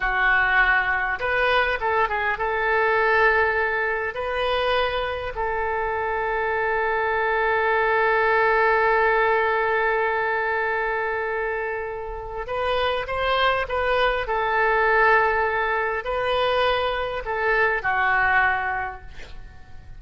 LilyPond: \new Staff \with { instrumentName = "oboe" } { \time 4/4 \tempo 4 = 101 fis'2 b'4 a'8 gis'8 | a'2. b'4~ | b'4 a'2.~ | a'1~ |
a'1~ | a'4 b'4 c''4 b'4 | a'2. b'4~ | b'4 a'4 fis'2 | }